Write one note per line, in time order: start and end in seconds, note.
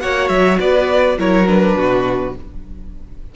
0.00 0.29 A#3
0.00 1.18 F#4
0.00 0.59 C#5
0.00 0.28 F#5
0.28 0.58 F#3
0.28 0.57 E5
0.59 1.18 B3
0.59 1.17 B4
0.59 1.18 D5
1.18 1.76 F#3
1.18 1.46 E4
1.18 1.77 A#4
1.18 1.47 C#5
1.46 2.34 D4
1.46 2.35 B4
1.76 2.35 B2
1.76 2.35 F#4